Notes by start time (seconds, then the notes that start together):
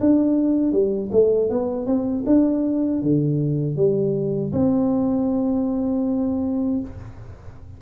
0.00 D4
0.72 G3
1.12 A3
1.49 B3
1.86 C4
2.26 D4
3.02 D3
3.76 G3
4.52 C4